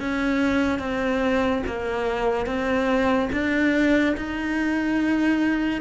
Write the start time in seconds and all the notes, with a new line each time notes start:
0.00 C#4
0.79 C4
1.67 A#3
2.46 C4
3.32 D4
4.17 D#4